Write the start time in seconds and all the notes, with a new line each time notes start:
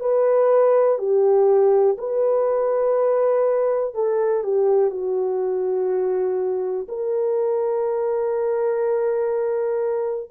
0.00 B4
0.98 G4
1.98 B4
3.95 A4
4.44 G4
4.90 F#4
6.89 A#4